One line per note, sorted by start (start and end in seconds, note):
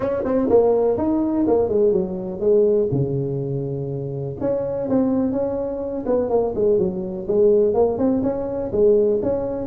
0.00 0.23 C#4
0.24 0.49 C4
0.49 0.97 A#3
0.97 1.46 D#4
1.47 1.68 A#3
1.68 1.92 G#3
1.92 2.40 F#3
2.40 2.88 G#3
2.91 4.36 C#3
4.40 4.88 C#4
4.89 5.32 C4
5.32 6.04 C#4
6.05 6.29 B3
6.29 6.53 A#3
6.55 6.78 G#3
6.78 7.26 F#3
7.27 7.74 G#3
7.74 7.98 A#3
7.98 8.22 C4
8.23 8.71 C#4
8.71 9.20 G#3
9.22 9.67 C#4